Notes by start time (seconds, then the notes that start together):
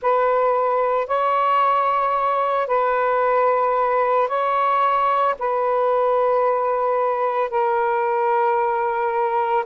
0.02 B4
1.07 C#5
2.67 B4
4.28 C#5
5.39 B4
7.50 A#4